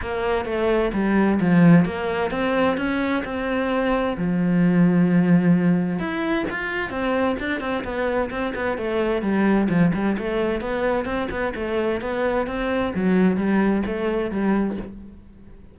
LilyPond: \new Staff \with { instrumentName = "cello" } { \time 4/4 \tempo 4 = 130 ais4 a4 g4 f4 | ais4 c'4 cis'4 c'4~ | c'4 f2.~ | f4 e'4 f'4 c'4 |
d'8 c'8 b4 c'8 b8 a4 | g4 f8 g8 a4 b4 | c'8 b8 a4 b4 c'4 | fis4 g4 a4 g4 | }